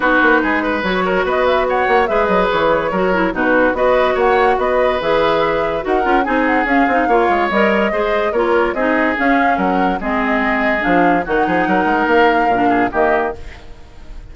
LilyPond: <<
  \new Staff \with { instrumentName = "flute" } { \time 4/4 \tempo 4 = 144 b'2 cis''4 dis''8 e''8 | fis''4 e''8 dis''8 cis''2 | b'4 dis''4 fis''4 dis''4 | e''2 fis''4 gis''8 fis''8 |
f''2 dis''2 | cis''4 dis''4 f''4 fis''4 | dis''2 f''4 fis''4~ | fis''4 f''2 dis''4 | }
  \new Staff \with { instrumentName = "oboe" } { \time 4/4 fis'4 gis'8 b'4 ais'8 b'4 | cis''4 b'2 ais'4 | fis'4 b'4 cis''4 b'4~ | b'2 ais'4 gis'4~ |
gis'4 cis''2 c''4 | ais'4 gis'2 ais'4 | gis'2. fis'8 gis'8 | ais'2~ ais'8 gis'8 g'4 | }
  \new Staff \with { instrumentName = "clarinet" } { \time 4/4 dis'2 fis'2~ | fis'4 gis'2 fis'8 e'8 | dis'4 fis'2. | gis'2 fis'8 f'8 dis'4 |
cis'8 dis'8 f'4 ais'4 gis'4 | f'4 dis'4 cis'2 | c'2 d'4 dis'4~ | dis'2 d'4 ais4 | }
  \new Staff \with { instrumentName = "bassoon" } { \time 4/4 b8 ais8 gis4 fis4 b4~ | b8 ais8 gis8 fis8 e4 fis4 | b,4 b4 ais4 b4 | e2 dis'8 cis'8 c'4 |
cis'8 c'8 ais8 gis8 g4 gis4 | ais4 c'4 cis'4 fis4 | gis2 f4 dis8 f8 | fis8 gis8 ais4 ais,4 dis4 | }
>>